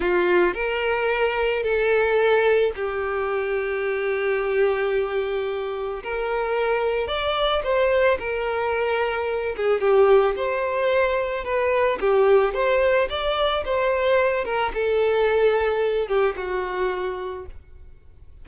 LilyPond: \new Staff \with { instrumentName = "violin" } { \time 4/4 \tempo 4 = 110 f'4 ais'2 a'4~ | a'4 g'2.~ | g'2. ais'4~ | ais'4 d''4 c''4 ais'4~ |
ais'4. gis'8 g'4 c''4~ | c''4 b'4 g'4 c''4 | d''4 c''4. ais'8 a'4~ | a'4. g'8 fis'2 | }